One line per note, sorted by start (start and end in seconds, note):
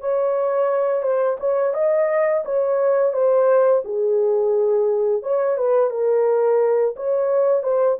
0.00 1.02 C#5
1.02 1.37 C5
1.40 1.73 C#5
1.73 2.43 D#5
2.45 3.13 C#5
3.13 3.82 C5
3.85 5.22 G#4
5.22 5.57 C#5
5.57 5.90 B4
5.90 6.95 A#4
6.96 7.63 C#5
7.63 7.98 C5